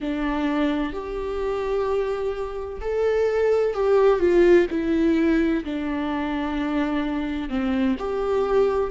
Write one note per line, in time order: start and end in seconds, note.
0.00 0.92 D4
0.92 2.80 G4
2.80 3.74 A4
3.74 4.19 G4
4.19 4.66 F4
4.70 5.64 E4
5.64 7.49 D4
7.49 7.96 C4
7.98 8.91 G4